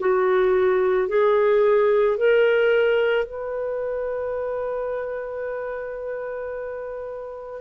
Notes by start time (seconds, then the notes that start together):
0.00 F#4
1.09 G#4
2.18 A#4
3.26 B4